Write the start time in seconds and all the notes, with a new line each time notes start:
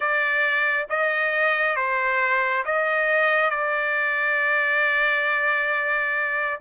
0.00 D5
0.89 D#5
1.76 C5
2.65 D#5
3.50 D5